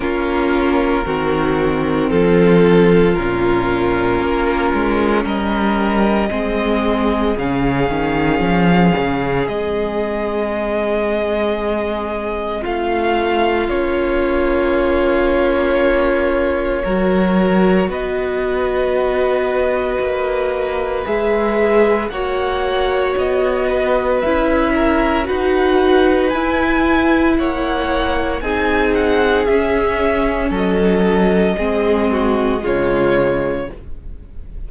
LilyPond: <<
  \new Staff \with { instrumentName = "violin" } { \time 4/4 \tempo 4 = 57 ais'2 a'4 ais'4~ | ais'4 dis''2 f''4~ | f''4 dis''2. | f''4 cis''2.~ |
cis''4 dis''2. | e''4 fis''4 dis''4 e''4 | fis''4 gis''4 fis''4 gis''8 fis''8 | e''4 dis''2 cis''4 | }
  \new Staff \with { instrumentName = "violin" } { \time 4/4 f'4 fis'4 f'2~ | f'4 ais'4 gis'2~ | gis'1 | f'1 |
ais'4 b'2.~ | b'4 cis''4. b'4 ais'8 | b'2 cis''4 gis'4~ | gis'4 a'4 gis'8 fis'8 f'4 | }
  \new Staff \with { instrumentName = "viola" } { \time 4/4 cis'4 c'2 cis'4~ | cis'2 c'4 cis'4~ | cis'4 c'2.~ | c'4 cis'2. |
fis'1 | gis'4 fis'2 e'4 | fis'4 e'2 dis'4 | cis'2 c'4 gis4 | }
  \new Staff \with { instrumentName = "cello" } { \time 4/4 ais4 dis4 f4 ais,4 | ais8 gis8 g4 gis4 cis8 dis8 | f8 cis8 gis2. | a4 ais2. |
fis4 b2 ais4 | gis4 ais4 b4 cis'4 | dis'4 e'4 ais4 c'4 | cis'4 fis4 gis4 cis4 | }
>>